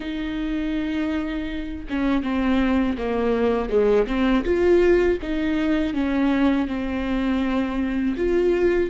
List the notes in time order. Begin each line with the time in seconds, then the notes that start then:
0.00 D#4
1.89 C#4
2.22 C4
2.97 A#3
3.69 G#3
4.06 C4
4.44 F4
5.22 D#4
5.93 C#4
6.67 C4
8.16 F4